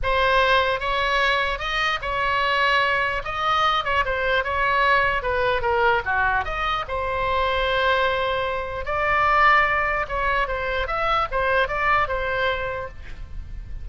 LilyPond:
\new Staff \with { instrumentName = "oboe" } { \time 4/4 \tempo 4 = 149 c''2 cis''2 | dis''4 cis''2. | dis''4. cis''8 c''4 cis''4~ | cis''4 b'4 ais'4 fis'4 |
dis''4 c''2.~ | c''2 d''2~ | d''4 cis''4 c''4 e''4 | c''4 d''4 c''2 | }